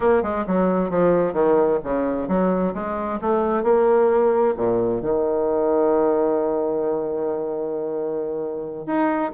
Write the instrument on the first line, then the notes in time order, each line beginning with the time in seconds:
bassoon
0.00 A#3
0.22 G#3
0.46 F#3
0.90 F3
1.33 D#3
1.83 C#3
2.28 F#3
2.74 G#3
3.21 A3
3.63 A#3
4.56 A#2
5.01 D#3
8.86 D#4